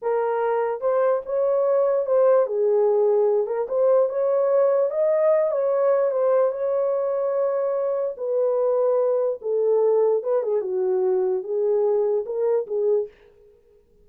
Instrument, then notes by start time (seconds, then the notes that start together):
horn
0.02 A#4
0.81 C5
1.25 C#5
2.06 C5
2.46 G#4
3.46 A#4
3.68 C5
4.09 C#5
4.90 D#5
5.51 C#5
6.11 C5
6.51 C#5
8.17 B4
9.41 A4
10.23 B4
10.42 G#4
10.61 F#4
11.43 G#4
12.25 A#4
12.66 G#4